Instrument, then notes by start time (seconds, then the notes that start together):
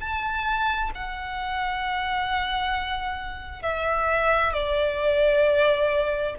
violin
0.00 A5
0.95 F#5
3.62 E5
4.53 D5